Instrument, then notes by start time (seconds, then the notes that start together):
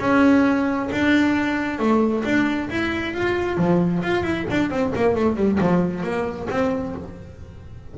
double bass
0.00 C#4
0.92 D4
1.79 A3
2.25 D4
2.70 E4
3.14 F4
3.57 F3
4.03 F4
4.23 E4
4.50 D4
4.70 C4
4.95 A#3
5.15 A3
5.36 G3
5.60 F3
6.03 A#3
6.50 C4